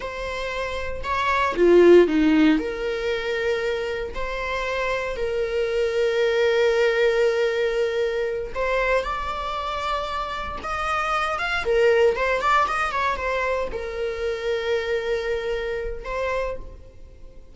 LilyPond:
\new Staff \with { instrumentName = "viola" } { \time 4/4 \tempo 4 = 116 c''2 cis''4 f'4 | dis'4 ais'2. | c''2 ais'2~ | ais'1~ |
ais'8 c''4 d''2~ d''8~ | d''8 dis''4. f''8 ais'4 c''8 | d''8 dis''8 cis''8 c''4 ais'4.~ | ais'2. c''4 | }